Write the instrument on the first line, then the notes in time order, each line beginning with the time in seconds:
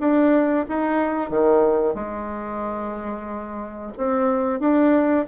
bassoon
0.00 D4
0.68 D#4
1.30 D#3
1.95 G#3
3.98 C4
4.60 D4